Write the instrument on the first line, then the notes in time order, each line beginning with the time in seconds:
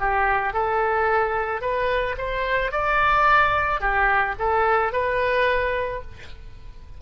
oboe
0.00 G4
0.54 A4
1.61 B4
2.18 C5
2.72 D5
3.81 G4
4.39 A4
4.93 B4